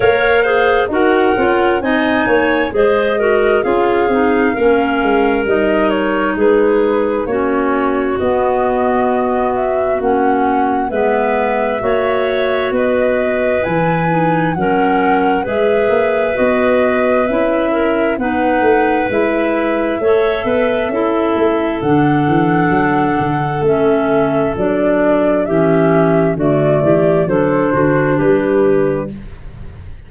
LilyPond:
<<
  \new Staff \with { instrumentName = "flute" } { \time 4/4 \tempo 4 = 66 f''4 fis''4 gis''4 dis''4 | f''2 dis''8 cis''8 b'4 | cis''4 dis''4. e''8 fis''4 | e''2 dis''4 gis''4 |
fis''4 e''4 dis''4 e''4 | fis''4 e''2. | fis''2 e''4 d''4 | e''4 d''4 c''4 b'4 | }
  \new Staff \with { instrumentName = "clarinet" } { \time 4/4 cis''8 c''8 ais'4 dis''8 cis''8 c''8 ais'8 | gis'4 ais'2 gis'4 | fis'1 | b'4 cis''4 b'2 |
ais'4 b'2~ b'8 ais'8 | b'2 cis''8 b'8 a'4~ | a'1 | g'4 fis'8 g'8 a'8 fis'8 g'4 | }
  \new Staff \with { instrumentName = "clarinet" } { \time 4/4 ais'8 gis'8 fis'8 f'8 dis'4 gis'8 fis'8 | f'8 dis'8 cis'4 dis'2 | cis'4 b2 cis'4 | b4 fis'2 e'8 dis'8 |
cis'4 gis'4 fis'4 e'4 | dis'4 e'4 a'4 e'4 | d'2 cis'4 d'4 | cis'4 a4 d'2 | }
  \new Staff \with { instrumentName = "tuba" } { \time 4/4 ais4 dis'8 cis'8 c'8 ais8 gis4 | cis'8 c'8 ais8 gis8 g4 gis4 | ais4 b2 ais4 | gis4 ais4 b4 e4 |
fis4 gis8 ais8 b4 cis'4 | b8 a8 gis4 a8 b8 cis'8 a8 | d8 e8 fis8 d8 a4 fis4 | e4 d8 e8 fis8 d8 g4 | }
>>